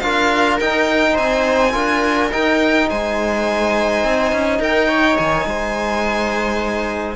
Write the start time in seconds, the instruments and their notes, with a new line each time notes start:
0.00 cello D4, trombone F4, viola A#4, violin F5
0.60 cello D#4, trombone D#4, violin G5
1.13 cello C4, viola C5, violin G#5
1.72 cello D4, trombone F4, viola A#4
2.32 trombone D#4, cello D#4, violin G5
2.89 cello G#3, viola C5, violin G#5
4.04 cello C4
4.32 cello C#4
4.59 cello D#4, viola A#4, violin G5
4.88 viola C#5
5.17 cello D#3, violin G#5
5.45 cello G#3, viola C5